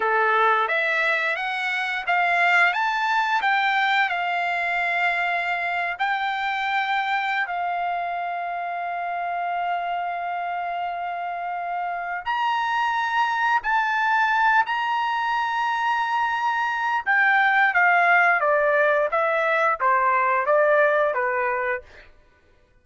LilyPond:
\new Staff \with { instrumentName = "trumpet" } { \time 4/4 \tempo 4 = 88 a'4 e''4 fis''4 f''4 | a''4 g''4 f''2~ | f''8. g''2~ g''16 f''4~ | f''1~ |
f''2 ais''2 | a''4. ais''2~ ais''8~ | ais''4 g''4 f''4 d''4 | e''4 c''4 d''4 b'4 | }